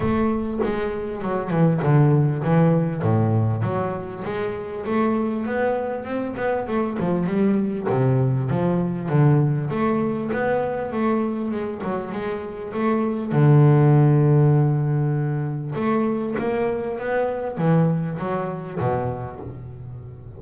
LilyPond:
\new Staff \with { instrumentName = "double bass" } { \time 4/4 \tempo 4 = 99 a4 gis4 fis8 e8 d4 | e4 a,4 fis4 gis4 | a4 b4 c'8 b8 a8 f8 | g4 c4 f4 d4 |
a4 b4 a4 gis8 fis8 | gis4 a4 d2~ | d2 a4 ais4 | b4 e4 fis4 b,4 | }